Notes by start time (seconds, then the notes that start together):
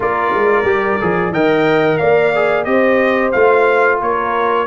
0.00 A#3 F4 A#4 D5
0.33 G#3
0.64 G3 G4
0.99 F3 G#4
1.29 D#3 A#4 D#5 G5
1.97 A#3 D5 F5
2.35 G#4
2.64 C4 G4 D#5
2.70 C5
3.32 A3 F4 F5
3.99 A#3 A#4 C#5